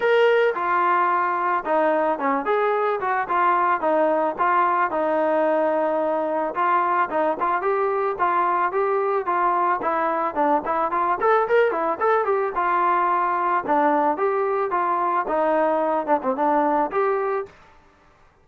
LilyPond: \new Staff \with { instrumentName = "trombone" } { \time 4/4 \tempo 4 = 110 ais'4 f'2 dis'4 | cis'8 gis'4 fis'8 f'4 dis'4 | f'4 dis'2. | f'4 dis'8 f'8 g'4 f'4 |
g'4 f'4 e'4 d'8 e'8 | f'8 a'8 ais'8 e'8 a'8 g'8 f'4~ | f'4 d'4 g'4 f'4 | dis'4. d'16 c'16 d'4 g'4 | }